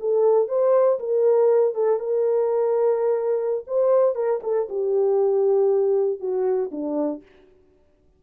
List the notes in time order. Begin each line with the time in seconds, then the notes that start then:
0.00 A4
0.49 C5
0.99 A#4
1.75 A4
2.00 A#4
3.67 C5
4.15 A#4
4.43 A4
4.69 G4
6.20 F#4
6.72 D4